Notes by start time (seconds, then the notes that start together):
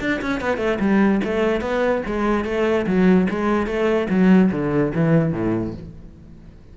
0.00 D4
0.21 C#4
0.40 B3
0.57 A3
0.80 G3
1.24 A3
1.61 B3
2.06 G#3
2.45 A3
2.86 F#3
3.30 G#3
3.66 A3
4.09 F#3
4.51 D3
4.94 E3
5.32 A2